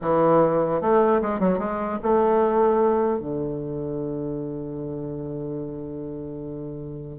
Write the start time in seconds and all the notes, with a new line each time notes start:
0.01 E3
0.81 A3
1.21 G#3
1.39 F#3
1.58 G#3
2.03 A3
3.19 D3